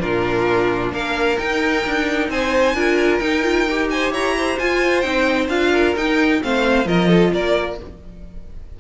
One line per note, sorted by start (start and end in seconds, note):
0.00 0.92 A#2
0.00 1.37 D4
0.00 0.93 F4
0.00 0.93 A#4
0.92 1.38 A#3
0.92 2.30 A#4
0.92 1.39 F5
1.39 2.75 D#4
1.39 1.85 D#4
1.39 2.30 G5
1.86 2.29 D4
2.29 2.74 C4
2.29 2.76 C5
2.29 3.19 G#5
2.74 3.20 D4
2.74 3.21 F4
2.74 3.90 A#4
3.19 4.11 D#4
3.19 3.43 D#4
3.19 3.88 G5
3.43 3.66 F4
3.70 4.60 G4
3.90 4.12 C5
3.90 4.13 G#5
4.11 4.57 E4
4.11 4.35 C#5
4.11 4.59 A#5
4.37 5.72 C5
4.59 5.05 F4
4.59 5.03 F4
4.59 5.01 G#5
5.01 5.49 C4
5.01 5.49 D#4
5.01 5.47 G5
5.49 5.95 D4
5.49 5.96 F4
5.49 5.95 F5
5.72 6.41 A#4
5.96 6.42 D#4
5.96 6.43 G5
6.42 6.86 A3
6.42 6.85 C4
6.42 6.88 C5
6.42 6.88 F5
6.85 7.32 F3
6.85 7.77 F4
6.85 7.09 A#4
6.85 7.33 D#5
7.09 7.32 A4
7.33 7.80 A#3
7.33 7.79 A#4
7.33 7.80 D5